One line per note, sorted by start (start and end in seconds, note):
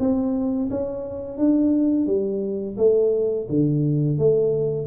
0.00 0.70 C4
0.71 1.38 C#4
1.38 2.07 D4
2.07 2.77 G3
2.78 3.48 A3
3.49 4.19 D3
4.19 4.87 A3